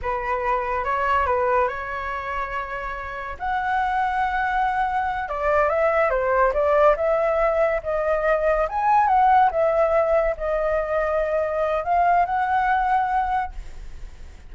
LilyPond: \new Staff \with { instrumentName = "flute" } { \time 4/4 \tempo 4 = 142 b'2 cis''4 b'4 | cis''1 | fis''1~ | fis''8 d''4 e''4 c''4 d''8~ |
d''8 e''2 dis''4.~ | dis''8 gis''4 fis''4 e''4.~ | e''8 dis''2.~ dis''8 | f''4 fis''2. | }